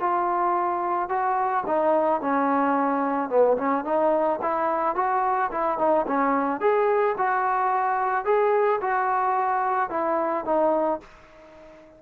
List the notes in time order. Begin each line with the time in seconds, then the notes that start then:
0.00 F4
1.09 F#4
1.67 D#4
2.21 C#4
3.30 B3
3.58 C#4
3.85 D#4
4.42 E4
4.96 F#4
5.52 E4
5.79 D#4
6.07 C#4
6.61 G#4
7.18 F#4
8.25 G#4
8.81 F#4
9.90 E4
10.45 D#4